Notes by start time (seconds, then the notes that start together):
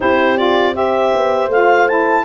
0.00 C4 E4 G4 C5
0.37 F4 D5
0.73 G4 C5 E5
1.14 B3
1.48 A3 F4 F5
1.88 E4 A5